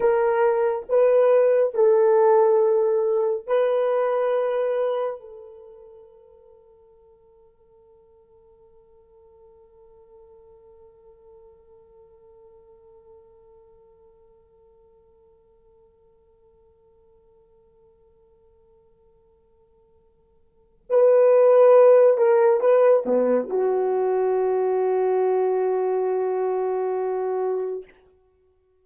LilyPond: \new Staff \with { instrumentName = "horn" } { \time 4/4 \tempo 4 = 69 ais'4 b'4 a'2 | b'2 a'2~ | a'1~ | a'1~ |
a'1~ | a'1 | b'4. ais'8 b'8 b8 fis'4~ | fis'1 | }